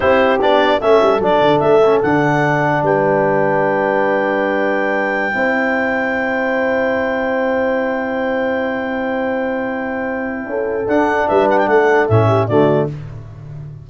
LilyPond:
<<
  \new Staff \with { instrumentName = "clarinet" } { \time 4/4 \tempo 4 = 149 c''4 d''4 e''4 d''4 | e''4 fis''2 g''4~ | g''1~ | g''1~ |
g''1~ | g''1~ | g''2. fis''4 | e''8 fis''16 g''16 fis''4 e''4 d''4 | }
  \new Staff \with { instrumentName = "horn" } { \time 4/4 g'2 a'2~ | a'2. b'4~ | b'1~ | b'4~ b'16 c''2~ c''8.~ |
c''1~ | c''1~ | c''2 a'2 | b'4 a'4. g'8 fis'4 | }
  \new Staff \with { instrumentName = "trombone" } { \time 4/4 e'4 d'4 cis'4 d'4~ | d'8 cis'8 d'2.~ | d'1~ | d'4~ d'16 e'2~ e'8.~ |
e'1~ | e'1~ | e'2. d'4~ | d'2 cis'4 a4 | }
  \new Staff \with { instrumentName = "tuba" } { \time 4/4 c'4 b4 a8 g8 fis8 d8 | a4 d2 g4~ | g1~ | g4~ g16 c'2~ c'8.~ |
c'1~ | c'1~ | c'2 cis'4 d'4 | g4 a4 a,4 d4 | }
>>